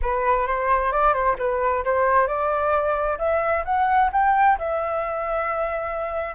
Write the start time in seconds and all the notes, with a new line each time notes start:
0.02 B4
0.46 C5
0.92 D5
1.13 C5
1.38 B4
1.84 C5
2.27 D5
3.18 E5
3.64 F#5
4.12 G5
4.58 E5